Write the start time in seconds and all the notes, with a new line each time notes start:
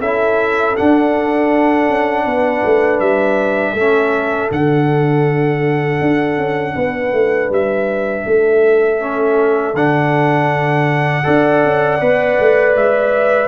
0.00 C#4 E4 A4 E5
0.77 D4 F#5
1.89 C#4
2.26 B3 B4
2.65 A3
3.00 G3 E5
3.73 A3 C#4 A4
4.50 D3 D4 F#5
6.02 D4
6.38 C#4
6.76 B3 B4
7.13 A3
7.50 G3 E5
8.26 A3 A4
9.00 C#4
9.74 D3 D4 F#5
11.24 D4 A4 D5
11.65 C#4
12.01 B3 B4
12.40 A3
12.76 G#3 E5